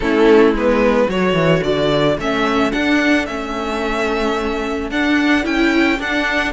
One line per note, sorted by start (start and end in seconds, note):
0.00 0.52 A3
0.00 0.55 C#4
0.00 1.10 E4
0.00 0.55 A4
0.52 1.07 G#3
0.52 1.08 B3
0.52 1.10 B4
1.08 1.33 F#3
1.08 2.17 F#4
1.08 6.52 A4
1.08 1.63 C#5
1.33 1.61 E3
1.63 2.17 D3
1.63 2.17 D5
2.18 2.72 A3
2.18 2.71 C#4
2.18 2.71 E5
2.71 3.26 D4
2.71 3.27 D4
2.71 3.25 F#5
3.25 4.90 A3
3.25 4.91 C#4
3.25 4.89 E5
4.90 5.45 D4
4.90 5.43 D4
4.90 5.45 F#5
5.43 5.99 C#4
5.43 5.97 E4
5.43 6.00 G5
5.99 6.52 D4
5.99 6.52 F#5